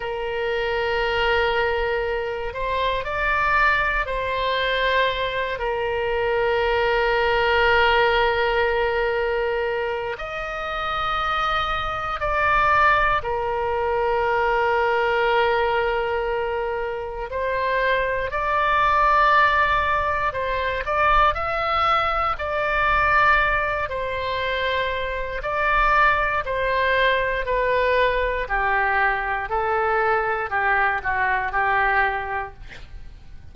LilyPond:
\new Staff \with { instrumentName = "oboe" } { \time 4/4 \tempo 4 = 59 ais'2~ ais'8 c''8 d''4 | c''4. ais'2~ ais'8~ | ais'2 dis''2 | d''4 ais'2.~ |
ais'4 c''4 d''2 | c''8 d''8 e''4 d''4. c''8~ | c''4 d''4 c''4 b'4 | g'4 a'4 g'8 fis'8 g'4 | }